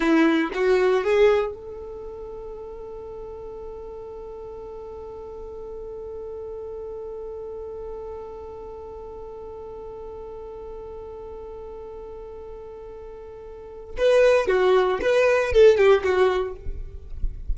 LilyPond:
\new Staff \with { instrumentName = "violin" } { \time 4/4 \tempo 4 = 116 e'4 fis'4 gis'4 a'4~ | a'1~ | a'1~ | a'1~ |
a'1~ | a'1~ | a'2. b'4 | fis'4 b'4 a'8 g'8 fis'4 | }